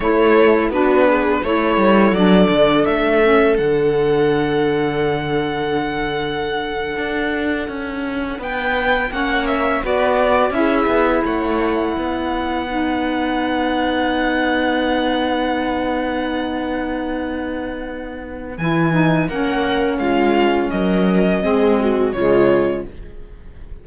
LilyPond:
<<
  \new Staff \with { instrumentName = "violin" } { \time 4/4 \tempo 4 = 84 cis''4 b'4 cis''4 d''4 | e''4 fis''2.~ | fis''2.~ fis''8. g''16~ | g''8. fis''8 e''8 d''4 e''4 fis''16~ |
fis''1~ | fis''1~ | fis''2 gis''4 fis''4 | f''4 dis''2 cis''4 | }
  \new Staff \with { instrumentName = "viola" } { \time 4/4 a'4 fis'8 gis'8 a'2~ | a'1~ | a'2.~ a'8. b'16~ | b'8. cis''4 b'8 d''8 gis'4 cis''16~ |
cis''8. b'2.~ b'16~ | b'1~ | b'2. ais'4 | f'4 ais'4 gis'8 fis'8 f'4 | }
  \new Staff \with { instrumentName = "saxophone" } { \time 4/4 e'4 d'4 e'4 d'4~ | d'8 cis'8 d'2.~ | d'1~ | d'8. cis'4 fis'4 e'4~ e'16~ |
e'4.~ e'16 dis'2~ dis'16~ | dis'1~ | dis'2 e'8 dis'8 cis'4~ | cis'2 c'4 gis4 | }
  \new Staff \with { instrumentName = "cello" } { \time 4/4 a4 b4 a8 g8 fis8 d8 | a4 d2.~ | d4.~ d16 d'4 cis'4 b16~ | b8. ais4 b4 cis'8 b8 a16~ |
a8. b2.~ b16~ | b1~ | b2 e4 ais4 | gis4 fis4 gis4 cis4 | }
>>